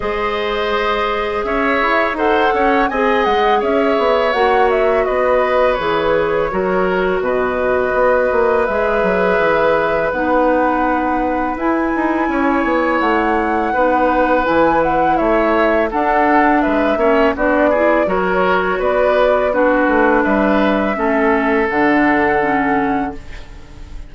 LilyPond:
<<
  \new Staff \with { instrumentName = "flute" } { \time 4/4 \tempo 4 = 83 dis''2 e''4 fis''4 | gis''8 fis''8 e''4 fis''8 e''8 dis''4 | cis''2 dis''2 | e''2 fis''2 |
gis''2 fis''2 | gis''8 fis''8 e''4 fis''4 e''4 | d''4 cis''4 d''4 b'4 | e''2 fis''2 | }
  \new Staff \with { instrumentName = "oboe" } { \time 4/4 c''2 cis''4 c''8 cis''8 | dis''4 cis''2 b'4~ | b'4 ais'4 b'2~ | b'1~ |
b'4 cis''2 b'4~ | b'4 cis''4 a'4 b'8 cis''8 | fis'8 gis'8 ais'4 b'4 fis'4 | b'4 a'2. | }
  \new Staff \with { instrumentName = "clarinet" } { \time 4/4 gis'2. a'4 | gis'2 fis'2 | gis'4 fis'2. | gis'2 dis'2 |
e'2. dis'4 | e'2 d'4. cis'8 | d'8 e'8 fis'2 d'4~ | d'4 cis'4 d'4 cis'4 | }
  \new Staff \with { instrumentName = "bassoon" } { \time 4/4 gis2 cis'8 e'8 dis'8 cis'8 | c'8 gis8 cis'8 b8 ais4 b4 | e4 fis4 b,4 b8 ais8 | gis8 fis8 e4 b2 |
e'8 dis'8 cis'8 b8 a4 b4 | e4 a4 d'4 gis8 ais8 | b4 fis4 b4. a8 | g4 a4 d2 | }
>>